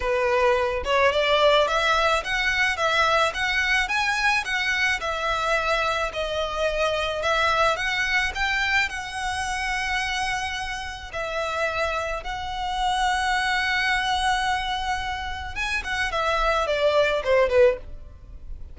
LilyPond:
\new Staff \with { instrumentName = "violin" } { \time 4/4 \tempo 4 = 108 b'4. cis''8 d''4 e''4 | fis''4 e''4 fis''4 gis''4 | fis''4 e''2 dis''4~ | dis''4 e''4 fis''4 g''4 |
fis''1 | e''2 fis''2~ | fis''1 | gis''8 fis''8 e''4 d''4 c''8 b'8 | }